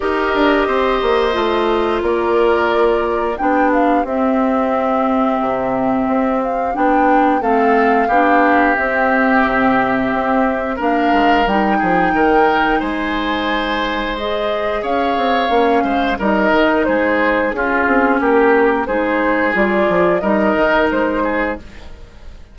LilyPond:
<<
  \new Staff \with { instrumentName = "flute" } { \time 4/4 \tempo 4 = 89 dis''2. d''4~ | d''4 g''8 f''8 e''2~ | e''4. f''8 g''4 f''4~ | f''4 e''2. |
f''4 g''2 gis''4~ | gis''4 dis''4 f''2 | dis''4 c''4 gis'4 ais'4 | c''4 d''4 dis''4 c''4 | }
  \new Staff \with { instrumentName = "oboe" } { \time 4/4 ais'4 c''2 ais'4~ | ais'4 g'2.~ | g'2. a'4 | g'1 |
ais'4. gis'8 ais'4 c''4~ | c''2 cis''4. c''8 | ais'4 gis'4 f'4 g'4 | gis'2 ais'4. gis'8 | }
  \new Staff \with { instrumentName = "clarinet" } { \time 4/4 g'2 f'2~ | f'4 d'4 c'2~ | c'2 d'4 c'4 | d'4 c'2. |
d'4 dis'2.~ | dis'4 gis'2 cis'4 | dis'2 cis'2 | dis'4 f'4 dis'2 | }
  \new Staff \with { instrumentName = "bassoon" } { \time 4/4 dis'8 d'8 c'8 ais8 a4 ais4~ | ais4 b4 c'2 | c4 c'4 b4 a4 | b4 c'4 c4 c'4 |
ais8 gis8 g8 f8 dis4 gis4~ | gis2 cis'8 c'8 ais8 gis8 | g8 dis8 gis4 cis'8 c'8 ais4 | gis4 g8 f8 g8 dis8 gis4 | }
>>